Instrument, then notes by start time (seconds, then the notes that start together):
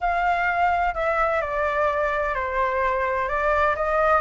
flute
0.01 F5
0.94 E5
1.41 D5
2.34 C5
3.28 D5
3.75 D#5